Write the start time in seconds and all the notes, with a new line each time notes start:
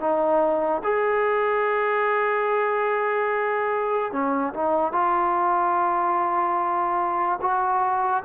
0.00 D#4
0.84 G#4
4.12 C#4
4.54 D#4
4.93 F4
7.41 F#4